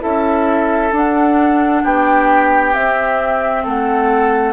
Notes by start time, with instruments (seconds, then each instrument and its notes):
0.00 bassoon C#4, clarinet E4, oboe A4, flute E5
0.93 bassoon D4, clarinet D4, flute F#5
1.83 bassoon B3, oboe G4, flute G5
2.73 clarinet C4, bassoon C4, flute E5
3.64 bassoon A3, oboe A4, flute F#5